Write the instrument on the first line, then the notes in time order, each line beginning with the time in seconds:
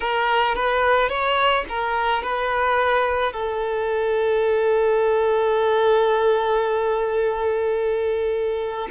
violin
0.00 A#4
0.55 B4
1.09 C#5
1.69 A#4
2.22 B4
3.32 A4